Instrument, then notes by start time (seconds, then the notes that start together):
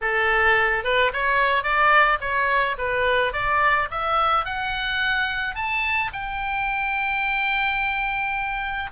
oboe
0.01 A4
0.83 B4
1.13 C#5
1.63 D5
2.20 C#5
2.78 B4
3.32 D5
3.90 E5
4.45 F#5
5.55 A5
6.12 G5